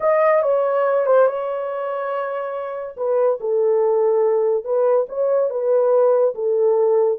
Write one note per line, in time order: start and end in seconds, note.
0.00 0.42 D#5
0.42 1.06 C#5
1.06 1.27 C5
1.27 2.96 C#5
2.97 3.39 B4
3.40 4.64 A4
4.64 5.06 B4
5.08 5.49 C#5
5.49 6.34 B4
6.35 7.18 A4